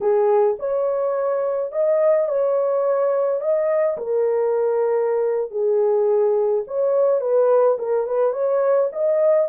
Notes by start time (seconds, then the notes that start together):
0.00 G#4
0.59 C#5
1.72 D#5
2.28 C#5
3.40 D#5
3.97 A#4
5.50 G#4
6.67 C#5
7.20 B4
7.78 A#4
8.07 B4
8.33 C#5
8.92 D#5